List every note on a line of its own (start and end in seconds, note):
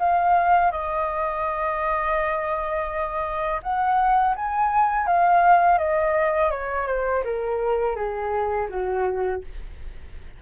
0.00 0.72 F5
0.72 3.61 D#5
3.63 4.35 F#5
4.36 5.07 G#5
5.07 5.79 F5
5.79 6.51 D#5
6.51 6.87 C#5
6.88 7.24 C5
7.25 7.96 A#4
7.96 8.68 G#4
8.69 9.42 F#4